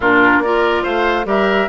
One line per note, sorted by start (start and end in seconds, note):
0.00 0.38 A#2
0.00 0.44 D4
0.00 0.42 F4
0.00 0.42 A#4
0.38 0.80 A#3
0.38 0.83 D5
0.44 1.25 F4
0.44 0.83 A#4
0.83 1.25 A3
0.83 1.26 C5
0.83 1.26 F5
1.25 1.67 G3
1.25 1.67 G4
1.25 1.69 A#4
1.25 1.69 E5